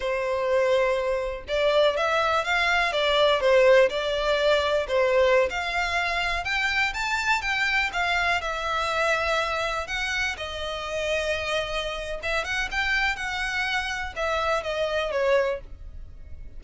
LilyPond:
\new Staff \with { instrumentName = "violin" } { \time 4/4 \tempo 4 = 123 c''2. d''4 | e''4 f''4 d''4 c''4 | d''2 c''4~ c''16 f''8.~ | f''4~ f''16 g''4 a''4 g''8.~ |
g''16 f''4 e''2~ e''8.~ | e''16 fis''4 dis''2~ dis''8.~ | dis''4 e''8 fis''8 g''4 fis''4~ | fis''4 e''4 dis''4 cis''4 | }